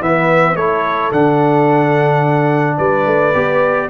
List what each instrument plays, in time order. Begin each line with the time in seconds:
0.00 tuba E3, trombone B3, horn B4, trumpet E5
0.55 tuba A3, trombone E4, horn A4, trumpet C#5
1.11 tuba D3, trombone D4, trumpet F#5
2.77 tuba G3, horn B4, trumpet D5
3.06 tuba A3
3.34 tuba B3, trombone G4